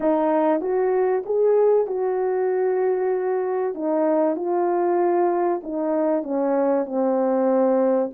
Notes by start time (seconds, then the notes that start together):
0.00 D#4
0.60 F#4
1.25 G#4
1.87 F#4
3.74 D#4
4.36 F4
5.63 D#4
6.23 C#4
6.85 C4